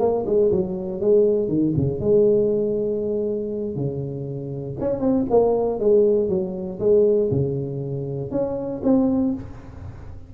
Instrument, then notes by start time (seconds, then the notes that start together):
tuba
0.00 A#3
0.26 G#3
0.52 F#3
1.01 G#3
1.49 D#3
1.77 C#3
2.00 G#3
3.76 C#3
4.81 C#4
5.01 C4
5.30 A#3
5.80 G#3
6.29 F#3
6.80 G#3
7.31 C#3
8.31 C#4
8.84 C4